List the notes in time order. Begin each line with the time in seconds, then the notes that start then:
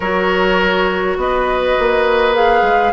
0.00 F#3 F#4 A#4 C#5
1.16 B3 B4 D#5
1.79 A#3
2.34 G#4 F5
2.62 G#3